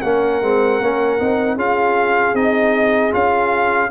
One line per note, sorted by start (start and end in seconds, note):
0.00 0.42 A#3
0.00 0.42 C#4
0.00 1.56 A#4
0.00 1.58 F#5
0.42 0.80 G#3
0.42 0.81 C4
0.80 1.19 A#3
0.80 1.19 C#4
1.19 1.56 C4
1.19 1.58 D#4
1.56 2.34 C#4
1.56 2.35 F4
1.56 3.89 G#4
1.56 2.35 F5
2.34 3.12 C4
2.34 3.12 D#4
2.34 3.13 D#5
3.12 3.91 C#4
3.12 3.90 F4
3.12 3.91 F5